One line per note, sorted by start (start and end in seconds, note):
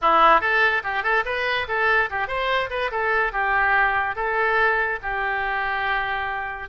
0.01 0.41 E4
0.41 0.82 A4
0.83 1.03 G4
1.03 1.24 A4
1.25 1.67 B4
1.68 2.09 A4
2.09 2.27 G4
2.27 2.69 C5
2.70 2.90 B4
2.91 3.32 A4
3.32 4.15 G4
4.15 4.99 A4
5.02 6.69 G4